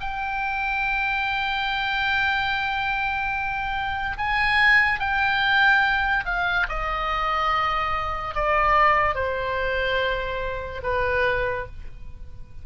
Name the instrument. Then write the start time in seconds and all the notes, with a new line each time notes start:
oboe
0.00 G5
4.17 G#5
4.99 G5
6.25 F5
6.68 D#5
8.34 D5
9.14 C5
10.82 B4